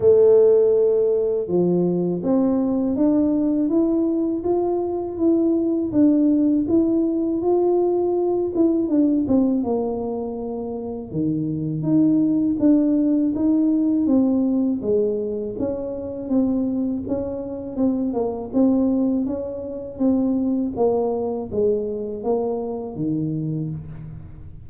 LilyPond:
\new Staff \with { instrumentName = "tuba" } { \time 4/4 \tempo 4 = 81 a2 f4 c'4 | d'4 e'4 f'4 e'4 | d'4 e'4 f'4. e'8 | d'8 c'8 ais2 dis4 |
dis'4 d'4 dis'4 c'4 | gis4 cis'4 c'4 cis'4 | c'8 ais8 c'4 cis'4 c'4 | ais4 gis4 ais4 dis4 | }